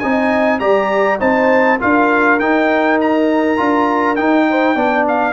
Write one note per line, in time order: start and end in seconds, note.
0.00 0.61 C4
0.00 0.61 D#4
0.00 0.61 D#5
0.00 0.59 G#5
0.60 1.20 G3
0.60 1.20 G4
0.60 1.21 D5
0.60 1.19 A#5
1.20 1.81 C4
1.20 1.79 D#4
1.20 1.80 C5
1.20 1.80 A5
1.79 2.40 D4
1.79 2.39 F4
1.79 4.48 A#4
1.79 2.40 F5
2.40 3.59 D#4
2.40 3.57 D#4
2.40 2.99 G5
3.01 4.16 A#5
3.57 4.19 D4
3.57 4.17 F4
4.16 4.76 D#4
4.16 5.05 G5
4.50 4.76 C5
4.76 5.33 B3
4.76 5.33 D4
4.76 5.33 D5
5.08 5.33 F5